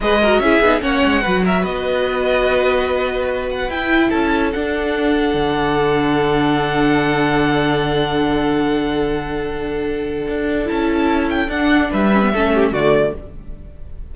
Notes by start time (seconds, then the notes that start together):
0.00 G#3 G#4 B4 D#5
0.21 F#4 A#4
0.39 C#4 E4 G#4 E5
0.60 B3 D#4
0.81 A#3 C#4 C#5 F#5
1.05 G#3
1.21 F#3 F#4 B4
1.45 A#4 E5
1.61 B3 B4 D#5
3.50 F#5
3.68 E4 G5
4.09 C#4 A4 A5
4.53 D4 F#5
5.34 D3
10.28 D4
10.65 C#4 E4 A5
11.29 G5
11.47 D4 F#5
11.90 G3 B4 E5
12.12 C#4
12.22 B3
12.33 A3 C#4 A4
12.54 G4
12.71 D3 A3 F#4 D5